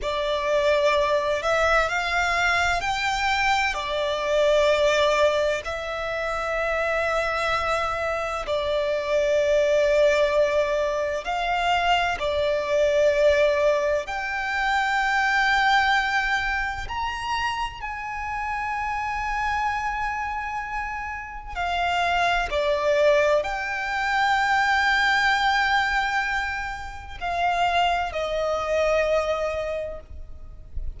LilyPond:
\new Staff \with { instrumentName = "violin" } { \time 4/4 \tempo 4 = 64 d''4. e''8 f''4 g''4 | d''2 e''2~ | e''4 d''2. | f''4 d''2 g''4~ |
g''2 ais''4 gis''4~ | gis''2. f''4 | d''4 g''2.~ | g''4 f''4 dis''2 | }